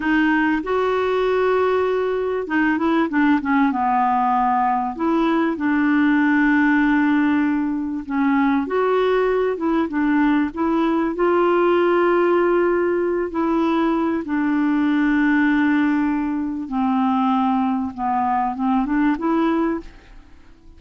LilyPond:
\new Staff \with { instrumentName = "clarinet" } { \time 4/4 \tempo 4 = 97 dis'4 fis'2. | dis'8 e'8 d'8 cis'8 b2 | e'4 d'2.~ | d'4 cis'4 fis'4. e'8 |
d'4 e'4 f'2~ | f'4. e'4. d'4~ | d'2. c'4~ | c'4 b4 c'8 d'8 e'4 | }